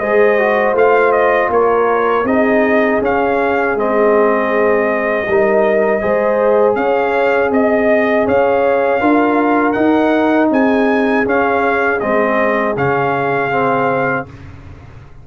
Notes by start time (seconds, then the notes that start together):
0.00 G#3 G#4 C5 D#5
0.39 F#4
0.74 A3 F4 F5
1.12 D#5
1.50 A#3 A#4 C#5
2.24 C4 D#4 G#4 D#5
3.02 C#4 F5
3.76 G#3 C4 D#5
5.28 G3 D#4 A#4
6.01 G#3 G#4 C5
6.76 C#4 C#5 F5
7.51 C4 D#5
8.26 C#4 C#5 F5
9.00 D4 F4 A#4
9.73 D#4 F#5
10.51 C4 G#4 G#5
11.25 C#4 F5
12.00 G#3 C4 D#5
12.77 C#3 C#4 F5
13.51 C4